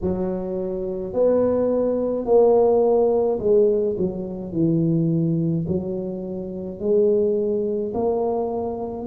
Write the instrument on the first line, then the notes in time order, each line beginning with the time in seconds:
tuba
0.01 F#3
1.13 B3
2.25 A#3
3.39 G#3
3.97 F#3
4.52 E3
5.67 F#3
6.79 G#3
7.93 A#3